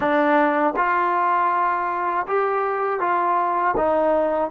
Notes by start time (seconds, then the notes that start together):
0.00 D4
0.76 F4
2.27 G4
3.00 F4
3.76 D#4